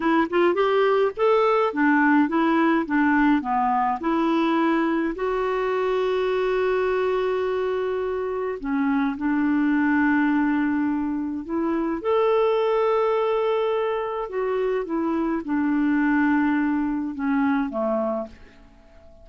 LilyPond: \new Staff \with { instrumentName = "clarinet" } { \time 4/4 \tempo 4 = 105 e'8 f'8 g'4 a'4 d'4 | e'4 d'4 b4 e'4~ | e'4 fis'2.~ | fis'2. cis'4 |
d'1 | e'4 a'2.~ | a'4 fis'4 e'4 d'4~ | d'2 cis'4 a4 | }